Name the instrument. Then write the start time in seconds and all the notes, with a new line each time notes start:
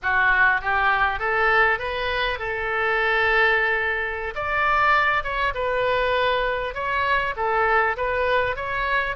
oboe
0.02 F#4
0.61 G4
1.19 A4
1.78 B4
2.38 A4
4.35 D5
5.23 C#5
5.54 B4
6.74 C#5
7.36 A4
7.96 B4
8.56 C#5